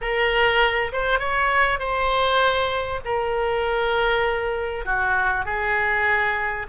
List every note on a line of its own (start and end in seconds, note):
0.01 0.92 A#4
0.92 1.19 C5
1.19 1.79 C#5
1.79 3.00 C5
3.04 4.85 A#4
4.85 5.45 F#4
5.45 6.66 G#4